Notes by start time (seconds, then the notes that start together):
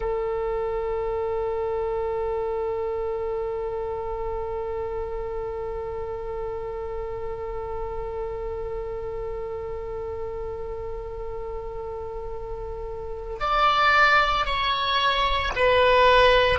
0.00 A4
13.40 D5
14.45 C#5
15.56 B4